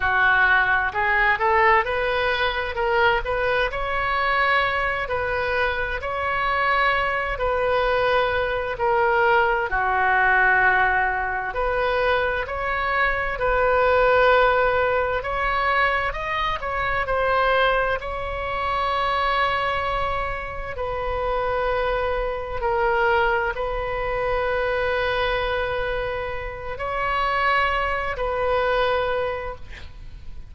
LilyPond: \new Staff \with { instrumentName = "oboe" } { \time 4/4 \tempo 4 = 65 fis'4 gis'8 a'8 b'4 ais'8 b'8 | cis''4. b'4 cis''4. | b'4. ais'4 fis'4.~ | fis'8 b'4 cis''4 b'4.~ |
b'8 cis''4 dis''8 cis''8 c''4 cis''8~ | cis''2~ cis''8 b'4.~ | b'8 ais'4 b'2~ b'8~ | b'4 cis''4. b'4. | }